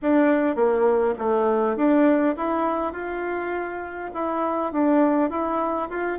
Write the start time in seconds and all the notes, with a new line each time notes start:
0.02 D4
0.55 A#3
1.18 A3
1.76 D4
2.36 E4
2.93 F4
4.14 E4
4.72 D4
5.30 E4
5.89 F4